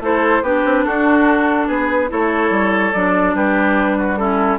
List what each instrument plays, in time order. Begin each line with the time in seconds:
0.00 bassoon A3, clarinet E4, oboe A4, flute C5
0.42 bassoon B3, clarinet D4, oboe G4, flute B4
0.65 bassoon C4
0.85 bassoon D4, oboe F#4, flute A4
1.68 bassoon B3, oboe G#4, flute B4
2.08 bassoon A3, clarinet E4, oboe A4, flute C#5
2.50 bassoon G3
2.93 bassoon F#3, clarinet D4, flute D5
3.35 bassoon G3, oboe G4, flute B4
3.98 oboe F#4
4.17 clarinet C#4, oboe E4, flute A4